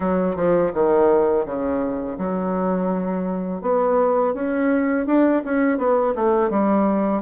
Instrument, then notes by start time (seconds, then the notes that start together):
bassoon
0.00 F#3
0.35 F3
0.73 D#3
1.45 C#3
2.18 F#3
3.61 B3
4.34 C#4
5.06 D4
5.44 C#4
5.78 B3
6.15 A3
6.50 G3